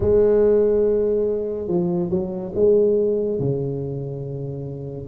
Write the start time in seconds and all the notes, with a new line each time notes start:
0.00 G#3
1.67 F3
2.10 F#3
2.55 G#3
3.39 C#3